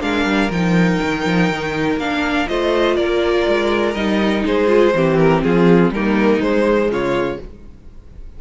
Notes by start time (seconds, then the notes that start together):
0.00 G#3 D4 A#4 F5
0.24 G3
0.50 F3 D#4 G5
1.02 D#3
1.26 F3
1.49 D#3
1.97 A#3 D4 F5
2.48 A3 F4 C5 D#5
2.96 A#3 A#4 D5
3.47 G#3
3.94 G3 D#4 D#5
4.45 G#3 G#4 C5
4.67 F4
4.94 E3 C4 G4
5.17 A#4
5.42 F3 F4 G#4
5.90 G3 A#3 D#4 A#4
6.39 G#3 C5
6.88 C#3 F4 C#5